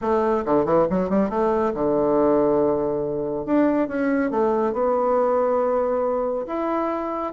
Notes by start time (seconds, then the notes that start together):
0.01 A3
0.45 D3
0.65 E3
0.90 F#3
1.09 G3
1.29 A3
1.74 D3
3.45 D4
3.88 C#4
4.30 A3
4.72 B3
6.46 E4